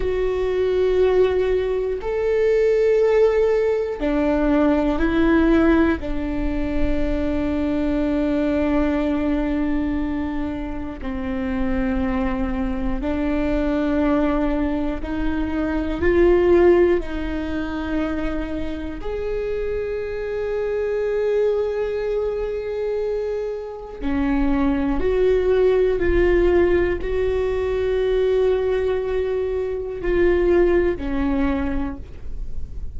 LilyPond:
\new Staff \with { instrumentName = "viola" } { \time 4/4 \tempo 4 = 60 fis'2 a'2 | d'4 e'4 d'2~ | d'2. c'4~ | c'4 d'2 dis'4 |
f'4 dis'2 gis'4~ | gis'1 | cis'4 fis'4 f'4 fis'4~ | fis'2 f'4 cis'4 | }